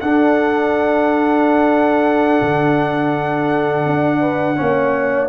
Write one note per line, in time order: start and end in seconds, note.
0.00 4.56 D4
0.00 2.39 D4
0.00 4.20 A4
0.00 5.29 F#5
2.41 3.85 D3
3.85 4.58 D4
4.20 4.56 B4
4.56 5.29 A#3
4.56 5.29 C#4
4.56 5.29 C#5